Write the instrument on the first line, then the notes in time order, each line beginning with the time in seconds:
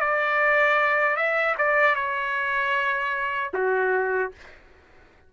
trumpet
0.00 D5
1.16 E5
1.58 D5
1.95 C#5
3.53 F#4